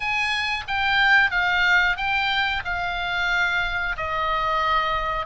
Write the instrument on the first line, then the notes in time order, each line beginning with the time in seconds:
oboe
0.00 G#5
0.67 G5
1.30 F5
1.96 G5
2.64 F5
3.97 D#5